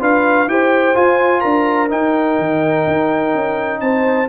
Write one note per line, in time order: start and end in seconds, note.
0.00 0.48 D4
0.00 0.48 F4
0.00 0.49 B4
0.00 0.49 F5
0.48 0.95 E4
0.48 0.94 G4
0.48 1.42 C5
0.48 0.97 G5
0.94 1.89 F4
0.94 1.44 F4
0.94 1.41 G#5
1.41 1.92 D4
1.41 3.80 A#4
1.41 1.88 A#5
1.89 4.27 D#4
1.89 2.39 D#4
1.89 3.80 G5
2.39 2.86 D#3
2.87 3.34 D#4
3.34 3.81 C#4
3.80 4.29 C4
3.80 4.29 C5
3.80 4.28 A5